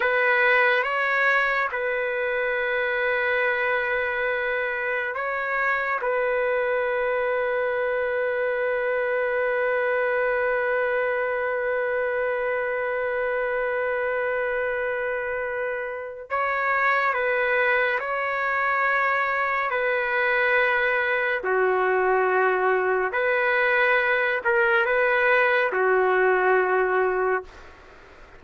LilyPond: \new Staff \with { instrumentName = "trumpet" } { \time 4/4 \tempo 4 = 70 b'4 cis''4 b'2~ | b'2 cis''4 b'4~ | b'1~ | b'1~ |
b'2. cis''4 | b'4 cis''2 b'4~ | b'4 fis'2 b'4~ | b'8 ais'8 b'4 fis'2 | }